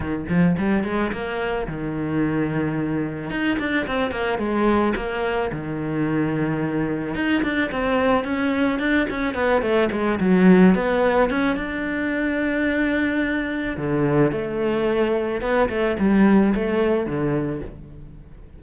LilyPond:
\new Staff \with { instrumentName = "cello" } { \time 4/4 \tempo 4 = 109 dis8 f8 g8 gis8 ais4 dis4~ | dis2 dis'8 d'8 c'8 ais8 | gis4 ais4 dis2~ | dis4 dis'8 d'8 c'4 cis'4 |
d'8 cis'8 b8 a8 gis8 fis4 b8~ | b8 cis'8 d'2.~ | d'4 d4 a2 | b8 a8 g4 a4 d4 | }